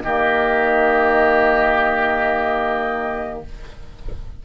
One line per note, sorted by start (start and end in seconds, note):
0.00 3.44 D#3
0.00 3.45 A#3
0.00 3.43 G4
0.00 3.40 D#5